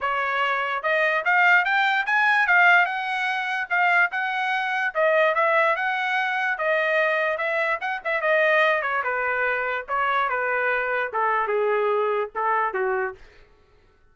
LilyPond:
\new Staff \with { instrumentName = "trumpet" } { \time 4/4 \tempo 4 = 146 cis''2 dis''4 f''4 | g''4 gis''4 f''4 fis''4~ | fis''4 f''4 fis''2 | dis''4 e''4 fis''2 |
dis''2 e''4 fis''8 e''8 | dis''4. cis''8 b'2 | cis''4 b'2 a'4 | gis'2 a'4 fis'4 | }